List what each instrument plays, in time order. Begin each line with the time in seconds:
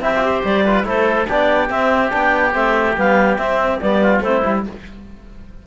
0.00 cello C4, trombone E4, oboe G4, clarinet E5
0.15 trombone F4
0.22 trombone G4, oboe C5
0.44 cello G3, clarinet D5
0.64 trombone F4, oboe B4
0.84 cello A3, trombone E4, oboe A4, clarinet C5
1.28 cello B3, trombone D4, oboe G4, clarinet D5
1.69 trombone C4, cello C4, clarinet E5
2.10 cello B3, trombone D4, clarinet G5
2.52 cello A3, trombone C4, clarinet E5
2.97 cello G3, trombone B3, clarinet F5
3.37 cello C4, trombone C4, clarinet E5
3.80 cello G3, trombone B3, clarinet D5
4.01 oboe F4
4.20 cello A3, trombone C4, oboe E4, clarinet C5
4.44 cello G3, trombone E4